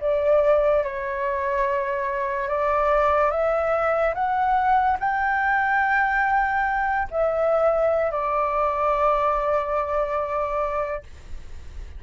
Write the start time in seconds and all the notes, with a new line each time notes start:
0.00 D5
0.83 C#5
2.48 D5
3.30 E5
4.14 F#5
4.99 G5
7.10 E5
8.11 D5